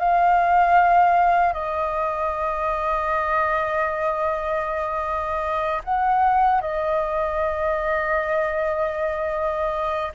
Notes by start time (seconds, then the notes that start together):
0.00 F5
1.54 D#5
5.84 F#5
6.62 D#5